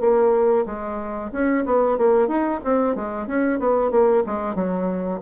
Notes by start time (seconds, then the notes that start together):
0.00 A#3
0.66 G#3
1.32 C#4
1.65 B3
1.97 A#3
2.27 D#4
2.64 C4
2.95 G#3
3.27 C#4
3.59 B3
3.91 A#3
4.26 G#3
4.55 F#3